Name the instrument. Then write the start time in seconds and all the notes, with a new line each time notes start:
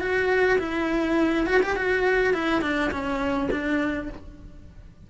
cello
0.00 F#4
0.59 E4
1.46 F#4
1.62 G4
1.76 F#4
2.34 E4
2.61 D4
2.91 C#4
3.51 D4